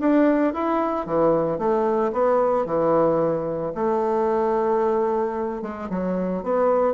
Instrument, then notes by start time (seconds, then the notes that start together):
bassoon
0.00 D4
0.54 E4
1.06 E3
1.59 A3
2.13 B3
2.66 E3
3.75 A3
5.62 G#3
5.90 F#3
6.43 B3